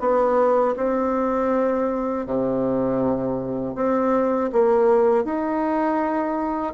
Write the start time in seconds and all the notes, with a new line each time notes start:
0.00 B3
0.76 C4
2.26 C3
3.75 C4
4.52 A#3
5.24 D#4